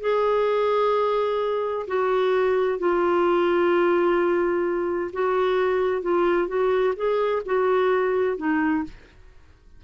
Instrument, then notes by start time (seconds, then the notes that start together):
clarinet
0.00 G#4
1.87 F#4
2.78 F4
5.12 F#4
6.02 F4
6.47 F#4
6.96 G#4
7.45 F#4
8.37 D#4